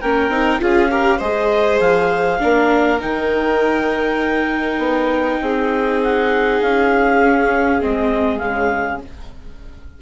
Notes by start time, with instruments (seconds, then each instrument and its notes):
0.00 bassoon A#3, viola C#4, violin A#4, clarinet G5
0.28 bassoon C4, viola D#4
0.59 bassoon C#4, viola F4, violin G#4, clarinet F5
0.90 viola G4, violin A#4
1.17 bassoon G#3, viola G#4, violin C5, clarinet D#5
1.79 bassoon F3, clarinet F5
2.39 bassoon A#3, viola D4, violin A#4
3.00 bassoon D#3, viola D#4, clarinet G5
4.78 bassoon B3
5.41 bassoon C4, violin G#4
6.03 clarinet F#5
6.62 bassoon C#4, clarinet F5
7.22 viola C#4
7.81 bassoon G#3, viola C4, clarinet D#5
8.38 bassoon C#3, viola G#3, clarinet F5